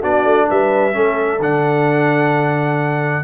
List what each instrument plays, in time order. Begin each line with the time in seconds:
0.00 tuba B3, trombone D4, horn F#4, trumpet D5
0.25 tuba A3
0.50 tuba G3, horn B4, trumpet E5
0.93 tuba A3, trombone C#4, horn A4
1.39 tuba D3, trombone D4, trumpet F#5